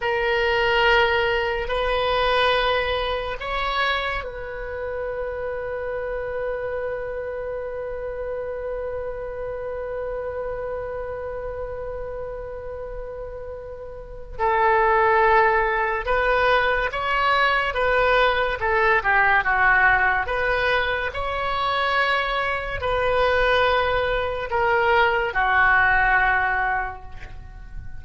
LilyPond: \new Staff \with { instrumentName = "oboe" } { \time 4/4 \tempo 4 = 71 ais'2 b'2 | cis''4 b'2.~ | b'1~ | b'1~ |
b'4 a'2 b'4 | cis''4 b'4 a'8 g'8 fis'4 | b'4 cis''2 b'4~ | b'4 ais'4 fis'2 | }